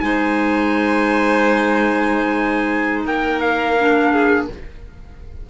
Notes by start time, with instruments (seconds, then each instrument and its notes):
0.00 cello G#3, clarinet D#4, violin C5, trumpet G#5
3.06 cello A#3, violin A#4, trumpet G5
3.40 trumpet F5
3.79 clarinet D4
4.12 violin G#4